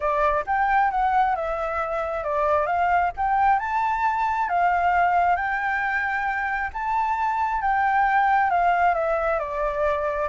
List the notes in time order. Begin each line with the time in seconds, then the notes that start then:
0.00 D5
0.46 G5
0.90 F#5
1.35 E5
2.23 D5
2.66 F5
3.16 G5
3.59 A5
4.48 F5
5.36 G5
6.73 A5
7.61 G5
8.50 F5
8.94 E5
9.39 D5